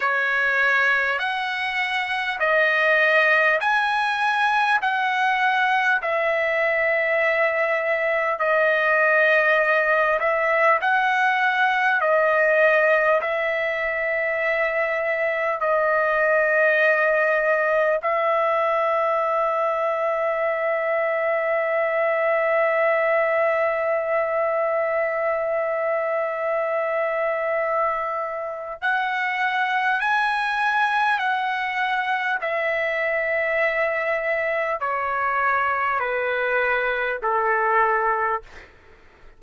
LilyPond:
\new Staff \with { instrumentName = "trumpet" } { \time 4/4 \tempo 4 = 50 cis''4 fis''4 dis''4 gis''4 | fis''4 e''2 dis''4~ | dis''8 e''8 fis''4 dis''4 e''4~ | e''4 dis''2 e''4~ |
e''1~ | e''1 | fis''4 gis''4 fis''4 e''4~ | e''4 cis''4 b'4 a'4 | }